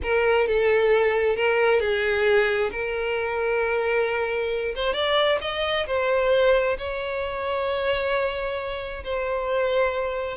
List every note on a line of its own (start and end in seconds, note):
0.02 0.47 A#4
0.47 1.36 A4
1.36 1.80 A#4
1.80 2.70 G#4
2.71 4.74 A#4
4.75 4.93 C5
4.93 5.38 D5
5.41 5.86 D#5
5.86 6.77 C5
6.78 9.03 C#5
9.04 10.37 C5